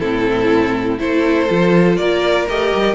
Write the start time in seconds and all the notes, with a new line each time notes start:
0.00 A2 C4 E4 A4
0.99 A3 E4 A4 C5
1.49 F3 F4
1.97 A#3 A#4 D5
2.49 A3 G4 D#5
2.75 G3